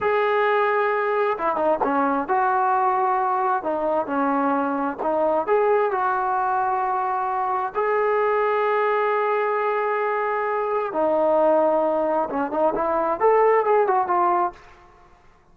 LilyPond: \new Staff \with { instrumentName = "trombone" } { \time 4/4 \tempo 4 = 132 gis'2. e'8 dis'8 | cis'4 fis'2. | dis'4 cis'2 dis'4 | gis'4 fis'2.~ |
fis'4 gis'2.~ | gis'1 | dis'2. cis'8 dis'8 | e'4 a'4 gis'8 fis'8 f'4 | }